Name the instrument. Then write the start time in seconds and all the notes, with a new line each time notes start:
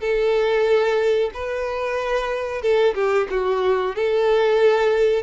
violin
0.00 A4
1.33 B4
2.61 A4
2.94 G4
3.30 F#4
3.95 A4